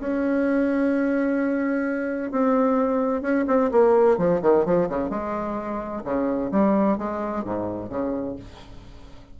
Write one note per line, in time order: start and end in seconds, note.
0.00 2.32 C#4
2.32 3.22 C4
3.22 3.45 C#4
3.48 3.71 C4
3.72 4.18 A#3
4.18 4.42 F3
4.42 4.66 D#3
4.66 4.89 F3
4.89 5.10 C#3
5.10 6.03 G#3
6.05 6.51 C#3
6.52 6.98 G3
6.98 7.44 G#3
7.44 7.90 G#2
7.90 8.36 C#3